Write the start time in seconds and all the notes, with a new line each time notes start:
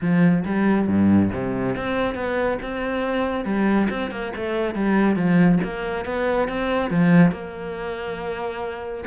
0.01 F3
0.45 G3
0.87 G2
1.32 C3
1.76 C4
2.14 B3
2.62 C4
3.44 G3
3.90 C4
4.10 A#3
4.36 A3
4.75 G3
5.16 F3
5.63 A#3
6.05 B3
6.48 C4
6.90 F3
7.31 A#3